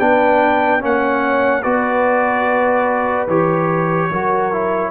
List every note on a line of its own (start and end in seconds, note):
0.00 0.83 B3
0.00 0.80 D4
0.00 0.82 B4
0.00 0.82 G5
0.80 1.65 A#3
0.80 1.63 C#4
0.80 1.63 C#5
0.80 1.63 F#5
1.63 3.28 B3
1.63 3.29 F#4
1.63 4.10 B4
1.63 3.27 D5
3.28 4.10 E3
3.28 4.12 G4
3.28 4.91 C#5
4.12 4.91 F#3
4.12 4.53 F#4
4.12 4.91 A#4
4.53 4.91 E4